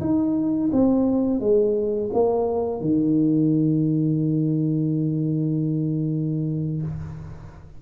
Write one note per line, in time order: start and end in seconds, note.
0.00 0.70 D#4
0.72 1.40 C4
1.40 2.10 G#3
2.13 2.81 A#3
2.81 6.82 D#3